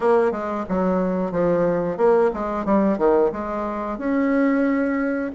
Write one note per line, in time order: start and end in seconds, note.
0.00 0.31 A#3
0.31 0.65 G#3
0.68 1.32 F#3
1.32 1.97 F3
1.97 2.30 A#3
2.33 2.65 G#3
2.65 2.98 G3
2.98 3.31 D#3
3.32 3.98 G#3
3.98 5.31 C#4